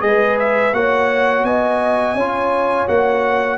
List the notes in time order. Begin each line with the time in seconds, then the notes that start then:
0.00 G#3 G#4 B4 D#5
0.39 E5
0.73 A#3 F#4 C#5 F#5
1.44 B3 D#5 G#5
2.15 C#4 F4 C#5
2.88 A#3 F#4 F#5